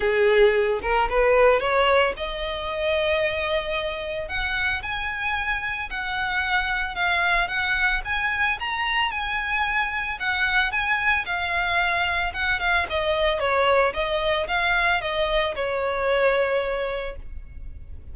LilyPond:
\new Staff \with { instrumentName = "violin" } { \time 4/4 \tempo 4 = 112 gis'4. ais'8 b'4 cis''4 | dis''1 | fis''4 gis''2 fis''4~ | fis''4 f''4 fis''4 gis''4 |
ais''4 gis''2 fis''4 | gis''4 f''2 fis''8 f''8 | dis''4 cis''4 dis''4 f''4 | dis''4 cis''2. | }